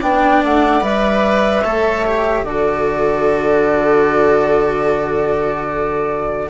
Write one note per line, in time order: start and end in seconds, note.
0.00 0.43 B3
0.00 0.81 D4
0.00 1.62 D5
0.00 0.44 G5
0.44 0.82 A3
0.44 0.84 F#5
0.81 1.63 G3
0.81 1.62 B4
0.81 2.45 E5
1.63 2.44 A3
1.63 2.05 A4
1.63 2.44 C#5
2.06 2.46 G4
2.44 6.49 D3
2.44 6.50 F#4
2.44 6.50 A4
2.44 6.50 D5